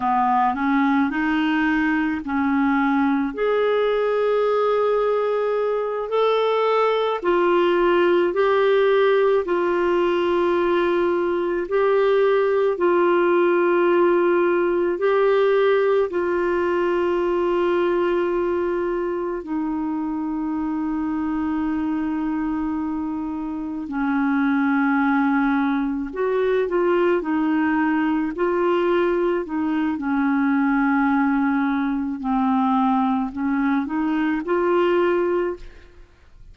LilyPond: \new Staff \with { instrumentName = "clarinet" } { \time 4/4 \tempo 4 = 54 b8 cis'8 dis'4 cis'4 gis'4~ | gis'4. a'4 f'4 g'8~ | g'8 f'2 g'4 f'8~ | f'4. g'4 f'4.~ |
f'4. dis'2~ dis'8~ | dis'4. cis'2 fis'8 | f'8 dis'4 f'4 dis'8 cis'4~ | cis'4 c'4 cis'8 dis'8 f'4 | }